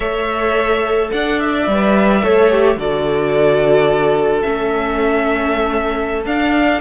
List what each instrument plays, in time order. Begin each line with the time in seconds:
0.00 cello A3, viola A4, violin C#5 E5
1.12 cello D4, violin D5 F#5
1.39 violin E5
1.67 cello G3, viola B4
2.22 cello A3, viola A4, violin C#5
2.49 viola G4
2.76 cello D3, viola F#4, violin A4 D5
4.41 cello A3, viola C#4, violin E5
6.25 cello D4, viola D4, violin F5